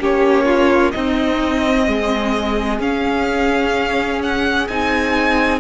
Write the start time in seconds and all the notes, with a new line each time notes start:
0.00 A#3 C#4 G4 C#5
0.46 F4
0.92 C4 D#4 D#5
1.88 G#3 G#4
2.80 C#4 F5
4.23 F#5
4.68 C4 D#4 G#5